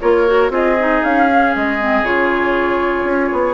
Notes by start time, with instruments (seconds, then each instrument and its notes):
0.00 bassoon A#3, clarinet F4, oboe A#4, flute C#5
0.27 clarinet F#4
0.50 bassoon C4, clarinet F4, oboe G#4, flute D#5
0.79 clarinet D#4
1.04 bassoon C#4, flute F5
1.29 clarinet C#4
1.56 bassoon G#3, flute D#5
1.79 clarinet C4
2.02 bassoon C#3, clarinet F4, flute C#5
3.04 bassoon C#4
3.32 bassoon B3